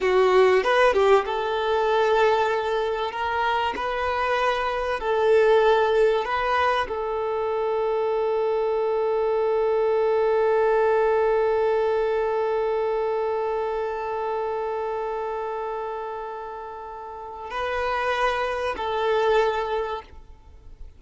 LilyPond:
\new Staff \with { instrumentName = "violin" } { \time 4/4 \tempo 4 = 96 fis'4 b'8 g'8 a'2~ | a'4 ais'4 b'2 | a'2 b'4 a'4~ | a'1~ |
a'1~ | a'1~ | a'1 | b'2 a'2 | }